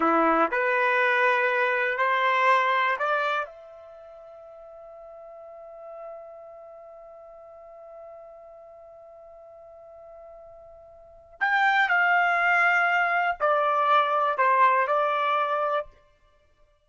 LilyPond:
\new Staff \with { instrumentName = "trumpet" } { \time 4/4 \tempo 4 = 121 e'4 b'2. | c''2 d''4 e''4~ | e''1~ | e''1~ |
e''1~ | e''2. g''4 | f''2. d''4~ | d''4 c''4 d''2 | }